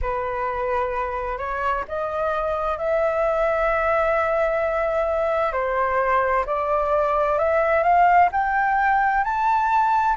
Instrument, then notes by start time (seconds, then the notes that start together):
flute
0.01 B4
1.38 C#5
1.88 D#5
2.77 E5
5.52 C5
6.46 D5
7.38 E5
7.83 F5
8.32 G5
9.23 A5